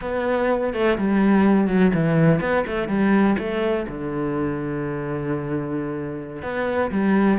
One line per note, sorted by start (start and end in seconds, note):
0.01 0.73 B3
0.73 0.97 A3
0.97 1.67 G3
1.67 1.92 F#3
1.94 2.40 E3
2.40 2.64 B3
2.66 2.88 A3
2.88 3.36 G3
3.38 3.86 A3
3.88 6.42 D3
6.42 6.90 B3
6.91 7.39 G3